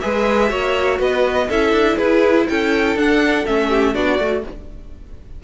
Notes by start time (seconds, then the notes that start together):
0.00 G#3 G#4 B4 E5
0.49 A#3 F#4 C#5
0.99 B3 B4 D#5
1.48 C#4 E4 A4 E5
1.72 D4
1.97 E4 G#4 B4
2.48 C#4 A4 G5
2.96 D4 F#5
3.46 A3 C#4 E5
3.69 G4
3.94 B3 D4 F#4 D5
4.19 A3 F#4